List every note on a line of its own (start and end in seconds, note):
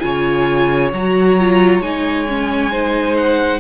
0.00 0.93 C#3
0.00 0.90 F4
0.00 2.71 C#5
0.00 0.90 G#5
0.93 1.80 F#3
0.93 1.39 F#4
0.93 1.82 A#5
1.39 1.83 F4
1.80 3.59 G#3
1.80 2.27 D#4
1.80 3.16 G#5
2.29 2.72 C#4
2.71 3.60 D#4
2.71 3.60 C5
3.17 3.60 F#5